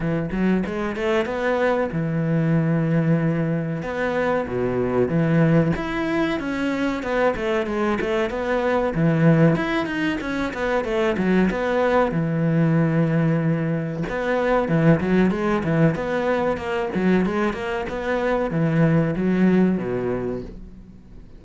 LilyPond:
\new Staff \with { instrumentName = "cello" } { \time 4/4 \tempo 4 = 94 e8 fis8 gis8 a8 b4 e4~ | e2 b4 b,4 | e4 e'4 cis'4 b8 a8 | gis8 a8 b4 e4 e'8 dis'8 |
cis'8 b8 a8 fis8 b4 e4~ | e2 b4 e8 fis8 | gis8 e8 b4 ais8 fis8 gis8 ais8 | b4 e4 fis4 b,4 | }